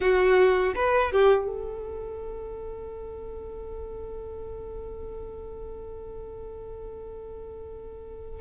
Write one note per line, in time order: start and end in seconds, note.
0.00 0.74 F#4
0.75 1.11 B4
1.12 1.46 G4
1.46 8.41 A4